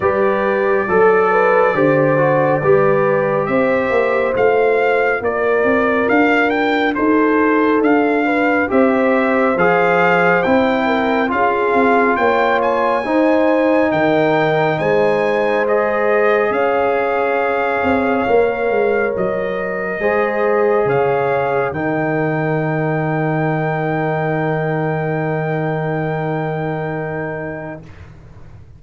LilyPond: <<
  \new Staff \with { instrumentName = "trumpet" } { \time 4/4 \tempo 4 = 69 d''1 | e''4 f''4 d''4 f''8 g''8 | c''4 f''4 e''4 f''4 | g''4 f''4 g''8 gis''4. |
g''4 gis''4 dis''4 f''4~ | f''2 dis''2 | f''4 g''2.~ | g''1 | }
  \new Staff \with { instrumentName = "horn" } { \time 4/4 b'4 a'8 b'8 c''4 b'4 | c''2 ais'2 | a'4. b'8 c''2~ | c''8 ais'8 gis'4 cis''4 c''4 |
ais'4 c''2 cis''4~ | cis''2. c''4 | cis''4 ais'2.~ | ais'1 | }
  \new Staff \with { instrumentName = "trombone" } { \time 4/4 g'4 a'4 g'8 fis'8 g'4~ | g'4 f'2.~ | f'2 g'4 gis'4 | e'4 f'2 dis'4~ |
dis'2 gis'2~ | gis'4 ais'2 gis'4~ | gis'4 dis'2.~ | dis'1 | }
  \new Staff \with { instrumentName = "tuba" } { \time 4/4 g4 fis4 d4 g4 | c'8 ais8 a4 ais8 c'8 d'4 | dis'4 d'4 c'4 f4 | c'4 cis'8 c'8 ais4 dis'4 |
dis4 gis2 cis'4~ | cis'8 c'8 ais8 gis8 fis4 gis4 | cis4 dis2.~ | dis1 | }
>>